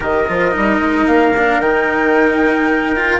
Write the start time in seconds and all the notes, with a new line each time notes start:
0.00 D#3 G4 A#4 D#5
0.27 F3 F4
0.51 G3 D#4
0.79 G#3
1.06 A#3 F5
1.36 D4
1.58 D#3 D#4 G5
2.95 F4